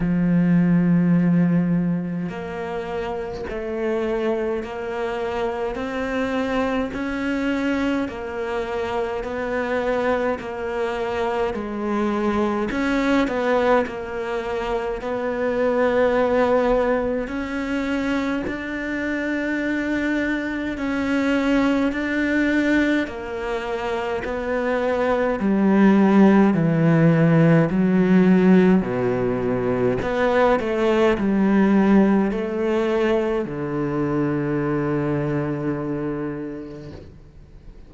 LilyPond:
\new Staff \with { instrumentName = "cello" } { \time 4/4 \tempo 4 = 52 f2 ais4 a4 | ais4 c'4 cis'4 ais4 | b4 ais4 gis4 cis'8 b8 | ais4 b2 cis'4 |
d'2 cis'4 d'4 | ais4 b4 g4 e4 | fis4 b,4 b8 a8 g4 | a4 d2. | }